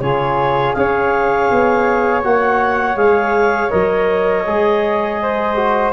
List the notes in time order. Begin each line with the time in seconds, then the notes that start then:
0.00 C#3 F4 G#4 C#5
0.73 C#4 G#4 C#5 F5
1.51 B3
2.23 A#3 F#4 F#5
2.96 G#3 G#4 F5
3.70 F#3 A#4 D#5
4.46 G#3 G#4
5.22 C5
5.56 F#4